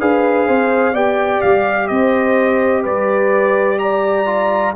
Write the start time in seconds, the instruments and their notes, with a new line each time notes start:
0.00 tuba D4, trombone G#4, horn B4, trumpet F5
0.48 tuba C4, horn C5
0.93 tuba B3, trombone G4, horn D5, trumpet G5
1.41 tuba G3, trumpet F5
1.87 tuba C4, horn C5, trumpet D#5
2.83 tuba G3, horn B4, trumpet D5
3.79 horn D5, trumpet A#5
4.26 trombone F4